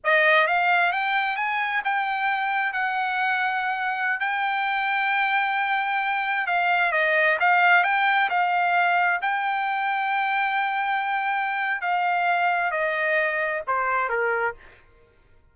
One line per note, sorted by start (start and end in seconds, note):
0.03 0.47 D#5
0.47 0.92 F5
0.92 1.36 G5
1.36 1.82 G#5
1.84 2.73 G5
2.73 4.20 F#5
4.20 6.46 G5
6.46 6.92 F5
6.92 7.37 D#5
7.40 7.83 F5
7.83 8.29 G5
8.29 9.20 F5
9.21 11.81 G5
11.81 12.71 F5
12.71 13.62 D#5
13.67 14.09 C5
14.09 14.54 A#4